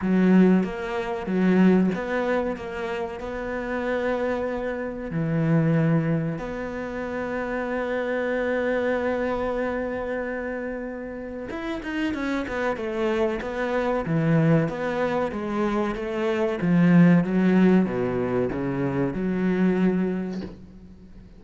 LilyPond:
\new Staff \with { instrumentName = "cello" } { \time 4/4 \tempo 4 = 94 fis4 ais4 fis4 b4 | ais4 b2. | e2 b2~ | b1~ |
b2 e'8 dis'8 cis'8 b8 | a4 b4 e4 b4 | gis4 a4 f4 fis4 | b,4 cis4 fis2 | }